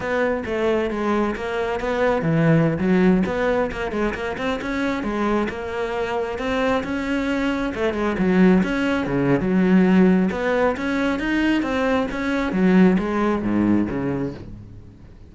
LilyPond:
\new Staff \with { instrumentName = "cello" } { \time 4/4 \tempo 4 = 134 b4 a4 gis4 ais4 | b4 e4~ e16 fis4 b8.~ | b16 ais8 gis8 ais8 c'8 cis'4 gis8.~ | gis16 ais2 c'4 cis'8.~ |
cis'4~ cis'16 a8 gis8 fis4 cis'8.~ | cis'16 cis8. fis2 b4 | cis'4 dis'4 c'4 cis'4 | fis4 gis4 gis,4 cis4 | }